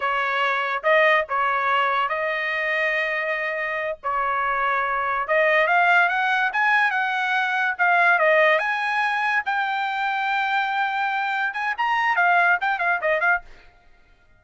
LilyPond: \new Staff \with { instrumentName = "trumpet" } { \time 4/4 \tempo 4 = 143 cis''2 dis''4 cis''4~ | cis''4 dis''2.~ | dis''4. cis''2~ cis''8~ | cis''8 dis''4 f''4 fis''4 gis''8~ |
gis''8 fis''2 f''4 dis''8~ | dis''8 gis''2 g''4.~ | g''2.~ g''8 gis''8 | ais''4 f''4 g''8 f''8 dis''8 f''8 | }